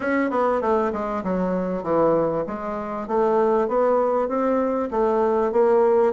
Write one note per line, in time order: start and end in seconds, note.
0.00 0.30 C#4
0.30 0.61 B3
0.61 0.91 A3
0.92 1.23 G#3
1.23 1.83 F#3
1.83 2.44 E3
2.47 3.07 G#3
3.07 3.67 A3
3.67 4.28 B3
4.28 4.89 C4
4.90 5.52 A3
5.52 6.13 A#3